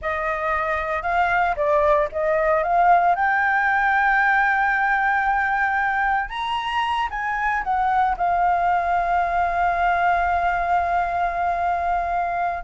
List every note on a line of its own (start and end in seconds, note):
0.01 1.02 D#5
1.02 1.55 F5
1.56 2.08 D5
2.12 2.63 D#5
2.63 3.15 F5
3.15 6.29 G5
6.29 7.08 A#5
7.10 7.63 G#5
7.63 8.16 F#5
8.17 12.63 F5